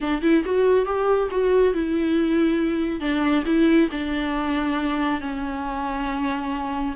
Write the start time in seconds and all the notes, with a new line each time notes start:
0.00 D4
0.22 E4
0.44 F#4
0.85 G4
1.30 F#4
1.73 E4
3.00 D4
3.45 E4
3.91 D4
5.21 C#4